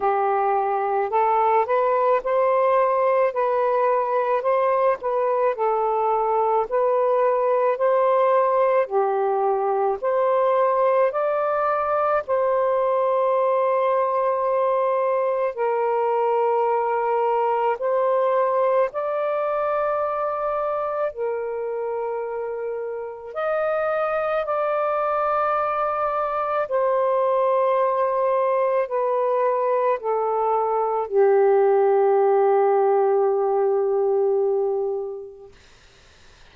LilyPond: \new Staff \with { instrumentName = "saxophone" } { \time 4/4 \tempo 4 = 54 g'4 a'8 b'8 c''4 b'4 | c''8 b'8 a'4 b'4 c''4 | g'4 c''4 d''4 c''4~ | c''2 ais'2 |
c''4 d''2 ais'4~ | ais'4 dis''4 d''2 | c''2 b'4 a'4 | g'1 | }